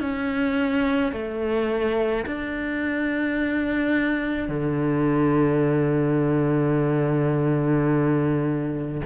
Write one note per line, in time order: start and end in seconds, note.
0.00 1.12 C#4
1.12 2.25 A3
2.26 4.48 D4
4.48 9.01 D3